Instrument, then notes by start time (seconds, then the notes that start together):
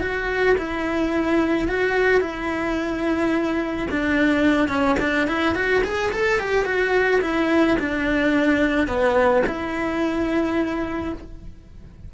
cello
0.00 F#4
0.57 E4
1.68 F#4
2.20 E4
3.90 D4
4.68 C#4
4.99 D4
5.27 E4
5.55 F#4
5.83 G#4
6.12 A4
6.39 G4
6.65 F#4
7.21 E4
7.79 D4
8.87 B3
9.46 E4